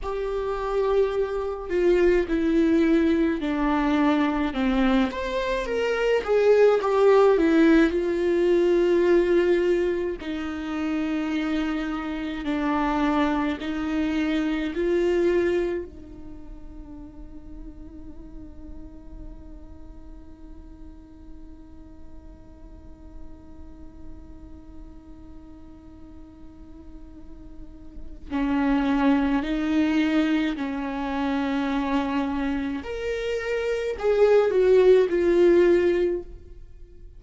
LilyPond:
\new Staff \with { instrumentName = "viola" } { \time 4/4 \tempo 4 = 53 g'4. f'8 e'4 d'4 | c'8 c''8 ais'8 gis'8 g'8 e'8 f'4~ | f'4 dis'2 d'4 | dis'4 f'4 dis'2~ |
dis'1~ | dis'1~ | dis'4 cis'4 dis'4 cis'4~ | cis'4 ais'4 gis'8 fis'8 f'4 | }